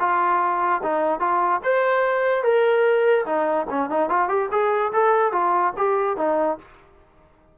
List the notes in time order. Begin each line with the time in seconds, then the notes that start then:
0.00 F4
0.83 D#4
1.20 F4
1.64 C5
2.44 A#4
3.26 D#4
3.70 C#4
3.90 D#4
4.10 F4
4.29 G4
4.52 G#4
4.93 A4
5.33 F4
5.77 G4
6.18 D#4